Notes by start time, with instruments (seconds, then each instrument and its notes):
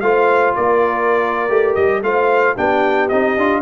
0.00 tuba A3, trombone F4, horn C5, trumpet F5
0.55 tuba A#3, horn A#4, trumpet D5
1.49 tuba A3, trombone G4
1.75 tuba G3, trumpet D#5
2.02 tuba A3, trombone F4, horn C5, trumpet F5
2.55 tuba B3, trombone D4, horn G4, trumpet G5
3.08 tuba C4, trombone D#4, trumpet D#5
3.36 tuba D4, trombone F4